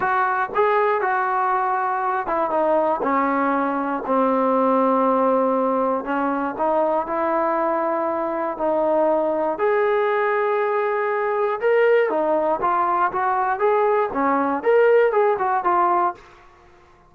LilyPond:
\new Staff \with { instrumentName = "trombone" } { \time 4/4 \tempo 4 = 119 fis'4 gis'4 fis'2~ | fis'8 e'8 dis'4 cis'2 | c'1 | cis'4 dis'4 e'2~ |
e'4 dis'2 gis'4~ | gis'2. ais'4 | dis'4 f'4 fis'4 gis'4 | cis'4 ais'4 gis'8 fis'8 f'4 | }